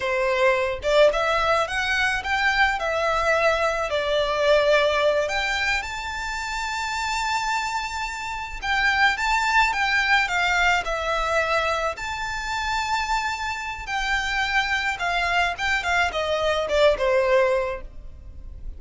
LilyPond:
\new Staff \with { instrumentName = "violin" } { \time 4/4 \tempo 4 = 108 c''4. d''8 e''4 fis''4 | g''4 e''2 d''4~ | d''4. g''4 a''4.~ | a''2.~ a''8 g''8~ |
g''8 a''4 g''4 f''4 e''8~ | e''4. a''2~ a''8~ | a''4 g''2 f''4 | g''8 f''8 dis''4 d''8 c''4. | }